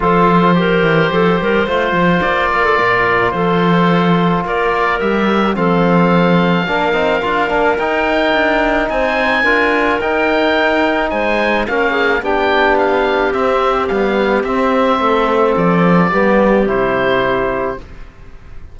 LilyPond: <<
  \new Staff \with { instrumentName = "oboe" } { \time 4/4 \tempo 4 = 108 c''1 | d''2 c''2 | d''4 e''4 f''2~ | f''2 g''2 |
gis''2 g''2 | gis''4 f''4 g''4 f''4 | e''4 f''4 e''2 | d''2 c''2 | }
  \new Staff \with { instrumentName = "clarinet" } { \time 4/4 a'4 ais'4 a'8 ais'8 c''4~ | c''8 ais'16 a'16 ais'4 a'2 | ais'2 a'2 | ais'1 |
c''4 ais'2. | c''4 ais'8 gis'8 g'2~ | g'2. a'4~ | a'4 g'2. | }
  \new Staff \with { instrumentName = "trombone" } { \time 4/4 f'4 g'2 f'4~ | f'1~ | f'4 g'4 c'2 | d'8 dis'8 f'8 d'8 dis'2~ |
dis'4 f'4 dis'2~ | dis'4 cis'4 d'2 | c'4 g4 c'2~ | c'4 b4 e'2 | }
  \new Staff \with { instrumentName = "cello" } { \time 4/4 f4. e8 f8 g8 a8 f8 | ais4 ais,4 f2 | ais4 g4 f2 | ais8 c'8 d'8 ais8 dis'4 d'4 |
c'4 d'4 dis'2 | gis4 ais4 b2 | c'4 b4 c'4 a4 | f4 g4 c2 | }
>>